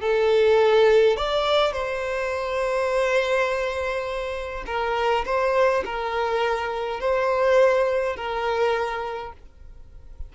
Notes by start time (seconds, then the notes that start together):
0.00 A4
1.16 D5
1.72 C5
4.66 A#4
5.25 C5
5.85 A#4
7.00 C5
8.16 A#4